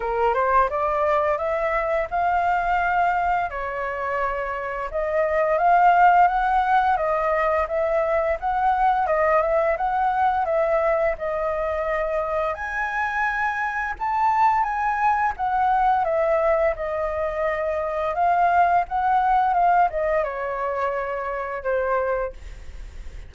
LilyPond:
\new Staff \with { instrumentName = "flute" } { \time 4/4 \tempo 4 = 86 ais'8 c''8 d''4 e''4 f''4~ | f''4 cis''2 dis''4 | f''4 fis''4 dis''4 e''4 | fis''4 dis''8 e''8 fis''4 e''4 |
dis''2 gis''2 | a''4 gis''4 fis''4 e''4 | dis''2 f''4 fis''4 | f''8 dis''8 cis''2 c''4 | }